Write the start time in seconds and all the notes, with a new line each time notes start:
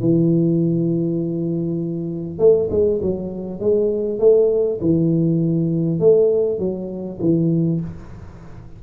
0.00 E3
2.38 A3
2.70 G#3
3.02 F#3
3.60 G#3
4.19 A3
4.80 E3
5.99 A3
6.58 F#3
7.20 E3